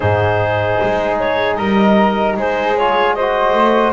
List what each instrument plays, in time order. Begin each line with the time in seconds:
0.00 double bass G#2, trombone D#4, flute G#4, clarinet C5
0.82 double bass G#3
1.19 clarinet C#5
1.54 double bass G3, flute A#4, clarinet D#5
2.36 double bass G#3, flute G#4, clarinet C5
2.77 trombone F4, clarinet C#5
3.13 trombone F#4, flute C5, clarinet D#5
3.53 double bass A3